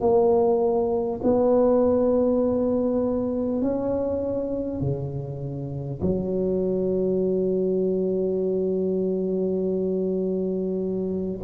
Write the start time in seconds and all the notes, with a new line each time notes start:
0.00 A#3
1.23 B3
3.62 C#4
4.81 C#3
6.01 F#3